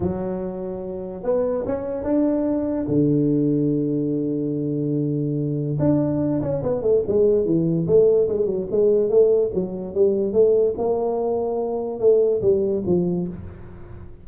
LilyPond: \new Staff \with { instrumentName = "tuba" } { \time 4/4 \tempo 4 = 145 fis2. b4 | cis'4 d'2 d4~ | d1~ | d2 d'4. cis'8 |
b8 a8 gis4 e4 a4 | gis8 fis8 gis4 a4 fis4 | g4 a4 ais2~ | ais4 a4 g4 f4 | }